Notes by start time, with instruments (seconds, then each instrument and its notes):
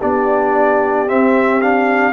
0.00 tuba B3, trombone D4, horn G4, trumpet D5
1.07 trombone C4, tuba C4, trumpet E5
1.61 trombone D4, trumpet F5